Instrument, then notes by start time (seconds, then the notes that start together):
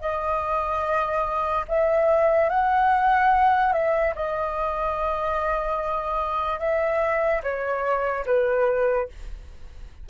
flute
0.00 D#5
1.68 E5
2.49 F#5
3.72 E5
4.15 D#5
6.59 E5
7.43 C#5
8.25 B4